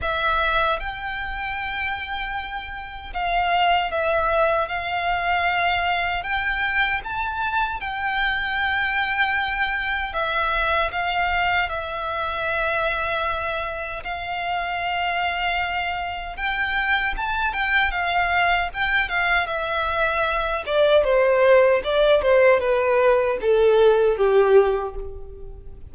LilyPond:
\new Staff \with { instrumentName = "violin" } { \time 4/4 \tempo 4 = 77 e''4 g''2. | f''4 e''4 f''2 | g''4 a''4 g''2~ | g''4 e''4 f''4 e''4~ |
e''2 f''2~ | f''4 g''4 a''8 g''8 f''4 | g''8 f''8 e''4. d''8 c''4 | d''8 c''8 b'4 a'4 g'4 | }